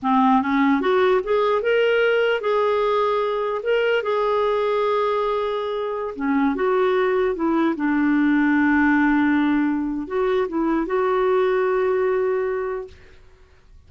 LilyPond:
\new Staff \with { instrumentName = "clarinet" } { \time 4/4 \tempo 4 = 149 c'4 cis'4 fis'4 gis'4 | ais'2 gis'2~ | gis'4 ais'4 gis'2~ | gis'2.~ gis'16 cis'8.~ |
cis'16 fis'2 e'4 d'8.~ | d'1~ | d'4 fis'4 e'4 fis'4~ | fis'1 | }